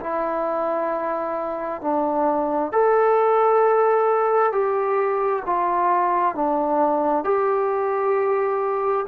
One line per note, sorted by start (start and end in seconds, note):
0.00 1.81 E4
1.81 2.72 D4
2.72 4.52 A4
4.52 5.43 G4
5.45 6.35 F4
6.35 7.24 D4
7.24 9.06 G4